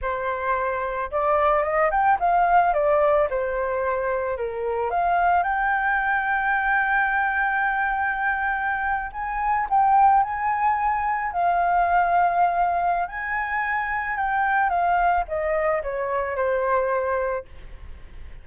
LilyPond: \new Staff \with { instrumentName = "flute" } { \time 4/4 \tempo 4 = 110 c''2 d''4 dis''8 g''8 | f''4 d''4 c''2 | ais'4 f''4 g''2~ | g''1~ |
g''8. gis''4 g''4 gis''4~ gis''16~ | gis''8. f''2.~ f''16 | gis''2 g''4 f''4 | dis''4 cis''4 c''2 | }